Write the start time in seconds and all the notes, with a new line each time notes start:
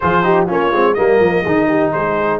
0.00 F3 F4 G#4 C5
0.23 D#4 G4
0.45 A#3 C#4 F4 C#5
0.72 G#3 C4
0.94 G3 A#3 A#4 D#5
1.20 F3
1.42 D#3 D#4 G#4
1.68 G4
1.92 G#3 G#4 C5